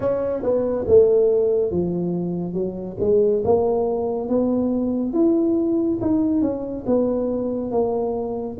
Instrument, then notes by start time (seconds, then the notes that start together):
tuba
0.00 C#4
0.42 B3
0.87 A3
1.71 F3
2.53 F#3
3.00 G#3
3.44 A#3
4.29 B3
5.13 E4
6.01 D#4
6.41 C#4
6.86 B3
7.71 A#3